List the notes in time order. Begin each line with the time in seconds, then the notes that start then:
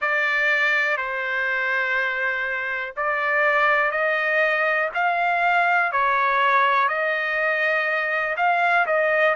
0.00 D5
0.97 C5
2.96 D5
3.91 D#5
4.94 F5
5.92 C#5
6.88 D#5
8.37 F5
8.86 D#5